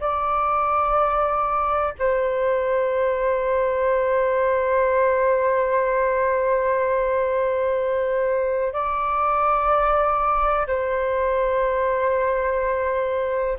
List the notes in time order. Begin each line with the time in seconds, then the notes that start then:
0.00 D5
1.99 C5
8.73 D5
10.67 C5